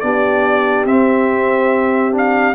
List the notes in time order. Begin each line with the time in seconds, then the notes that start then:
0.00 B3 D4 G4 D5
0.85 C4 E5
2.11 D4 F5